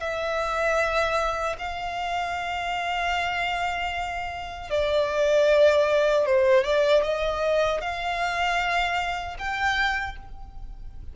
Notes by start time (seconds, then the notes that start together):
0.00 E5
1.59 F5
4.70 D5
6.26 C5
6.64 D5
7.03 D#5
7.81 F5
9.39 G5